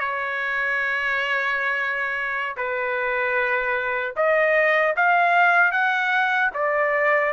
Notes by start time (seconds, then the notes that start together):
0.00 C#5
2.57 B4
4.16 D#5
4.97 F5
5.72 F#5
6.54 D5